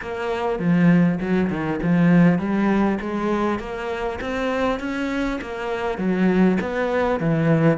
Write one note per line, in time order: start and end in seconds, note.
0.01 0.59 A#3
0.59 1.19 F3
1.20 1.50 F#3
1.50 1.80 D#3
1.82 2.38 F3
2.38 2.98 G3
3.00 3.59 G#3
3.59 4.19 A#3
4.21 4.79 C4
4.79 5.39 C#4
5.41 5.98 A#3
5.98 6.58 F#3
6.61 7.19 B3
7.19 7.77 E3